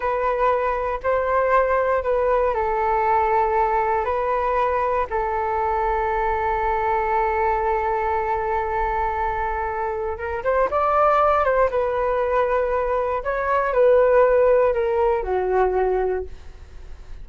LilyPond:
\new Staff \with { instrumentName = "flute" } { \time 4/4 \tempo 4 = 118 b'2 c''2 | b'4 a'2. | b'2 a'2~ | a'1~ |
a'1 | ais'8 c''8 d''4. c''8 b'4~ | b'2 cis''4 b'4~ | b'4 ais'4 fis'2 | }